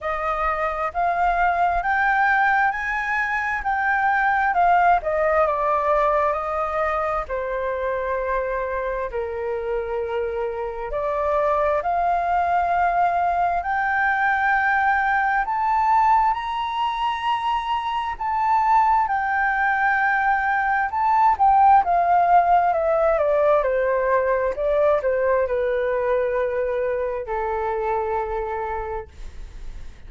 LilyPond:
\new Staff \with { instrumentName = "flute" } { \time 4/4 \tempo 4 = 66 dis''4 f''4 g''4 gis''4 | g''4 f''8 dis''8 d''4 dis''4 | c''2 ais'2 | d''4 f''2 g''4~ |
g''4 a''4 ais''2 | a''4 g''2 a''8 g''8 | f''4 e''8 d''8 c''4 d''8 c''8 | b'2 a'2 | }